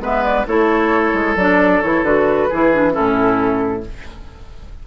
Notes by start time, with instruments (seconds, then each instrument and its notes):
0.00 bassoon G#3, clarinet B3, oboe B4, flute E5
0.24 flute D5
0.47 bassoon A3, clarinet E4, oboe A4, flute C#5
1.13 bassoon G#3
1.36 bassoon F#3, clarinet D4, flute D5
1.81 bassoon E3, clarinet E4, flute C#5
2.03 bassoon D3, clarinet F#4, flute B4
2.49 bassoon E3, clarinet E4, oboe G#4
2.73 clarinet D4
2.91 bassoon A2, clarinet C#4, oboe E4, flute A4